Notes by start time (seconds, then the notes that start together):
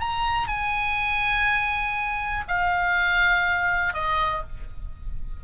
0.00 A#5
0.48 G#5
2.48 F5
3.93 D#5